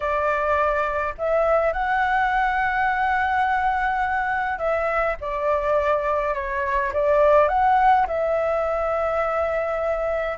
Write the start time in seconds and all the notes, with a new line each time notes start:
0.00 D5
1.17 E5
1.72 F#5
4.58 E5
5.21 D5
6.34 C#5
6.93 D5
7.48 F#5
8.07 E5